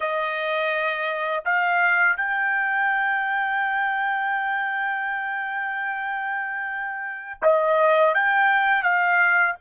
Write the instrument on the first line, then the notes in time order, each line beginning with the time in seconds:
trumpet
0.00 D#5
1.45 F5
2.17 G5
7.42 D#5
8.14 G5
8.83 F5